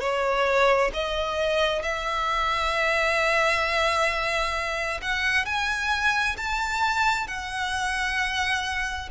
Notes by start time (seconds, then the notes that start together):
0.00 C#5
0.93 D#5
1.82 E5
5.02 F#5
5.45 G#5
6.37 A5
7.27 F#5